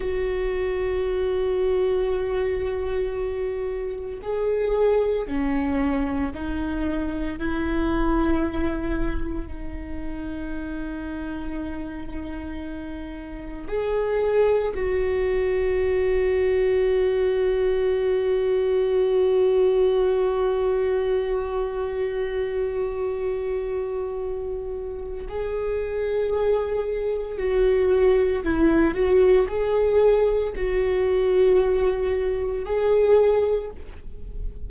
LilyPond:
\new Staff \with { instrumentName = "viola" } { \time 4/4 \tempo 4 = 57 fis'1 | gis'4 cis'4 dis'4 e'4~ | e'4 dis'2.~ | dis'4 gis'4 fis'2~ |
fis'1~ | fis'1 | gis'2 fis'4 e'8 fis'8 | gis'4 fis'2 gis'4 | }